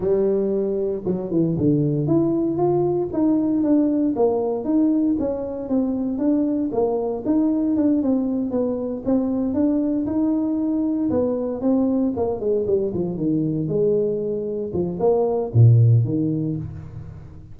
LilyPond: \new Staff \with { instrumentName = "tuba" } { \time 4/4 \tempo 4 = 116 g2 fis8 e8 d4 | e'4 f'4 dis'4 d'4 | ais4 dis'4 cis'4 c'4 | d'4 ais4 dis'4 d'8 c'8~ |
c'8 b4 c'4 d'4 dis'8~ | dis'4. b4 c'4 ais8 | gis8 g8 f8 dis4 gis4.~ | gis8 f8 ais4 ais,4 dis4 | }